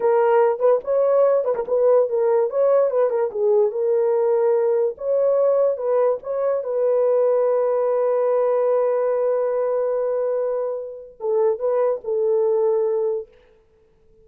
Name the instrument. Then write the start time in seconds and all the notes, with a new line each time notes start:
horn
0.00 A#4
0.59 B4
0.84 C#5
1.44 B4
1.55 A#4
1.67 B4
2.09 A#4
2.50 C#5
2.90 B4
3.09 A#4
3.31 G#4
3.71 A#4
4.97 C#5
5.77 B4
6.22 C#5
6.63 B4
11.19 A4
11.59 B4
12.04 A4